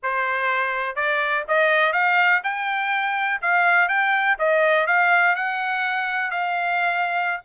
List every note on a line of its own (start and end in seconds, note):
0.02 0.95 C5
0.95 1.44 D5
1.48 1.92 D#5
1.92 2.41 F5
2.43 3.41 G5
3.41 3.88 F5
3.88 4.37 G5
4.39 4.86 D#5
4.86 5.35 F5
5.35 6.31 F#5
6.31 7.40 F5